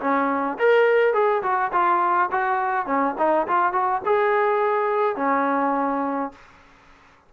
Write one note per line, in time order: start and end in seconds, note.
0.00 0.58 C#4
0.58 1.13 A#4
1.13 1.42 G#4
1.42 1.71 F#4
1.72 2.30 F4
2.31 2.86 F#4
2.86 3.15 C#4
3.18 3.47 D#4
3.47 3.72 F4
3.72 4.01 F#4
4.05 5.16 G#4
5.16 6.31 C#4